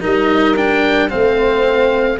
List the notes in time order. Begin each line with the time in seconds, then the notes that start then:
0.00 G3 D#4 A#4 D#5
0.56 D4 G5
1.09 A3 C4 C5 F5